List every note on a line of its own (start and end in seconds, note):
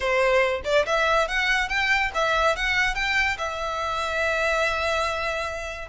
0.00 0.61 C5
0.64 0.85 D5
0.86 1.28 E5
1.28 1.69 F#5
1.69 2.11 G5
2.14 2.55 E5
2.55 2.95 F#5
2.95 3.37 G5
3.38 5.88 E5